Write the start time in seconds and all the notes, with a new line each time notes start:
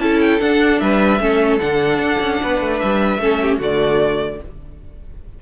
0.00 C#4 E4 A4 A5
0.21 G5
0.40 D4 F#5
0.80 G3 B4 E5
1.20 A3 C#4 A4
1.59 D3 D4 F#5
1.99 D4
2.21 C#4
2.43 B3 B4
2.61 A3
2.79 G3 E5
3.18 A3 C#4 A4
3.42 G4
3.59 D3 A3 F#4 D5